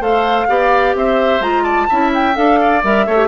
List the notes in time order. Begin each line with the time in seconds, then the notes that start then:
0.00 A3 A4 C5 F5
0.48 B3 G4 D5
0.95 C4 C5 E5
1.40 G#3 F4 A#5
1.63 D5 A5
1.89 C#4 E4 E5
2.14 G5
2.34 D4 A4 F5
2.61 D5
2.84 G3 A#4 E5
3.06 A3 A4 C#5
3.17 G4